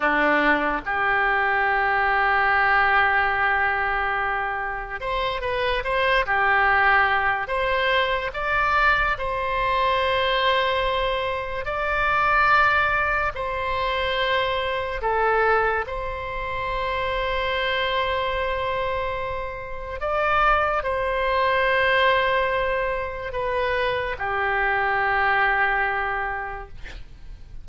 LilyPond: \new Staff \with { instrumentName = "oboe" } { \time 4/4 \tempo 4 = 72 d'4 g'2.~ | g'2 c''8 b'8 c''8 g'8~ | g'4 c''4 d''4 c''4~ | c''2 d''2 |
c''2 a'4 c''4~ | c''1 | d''4 c''2. | b'4 g'2. | }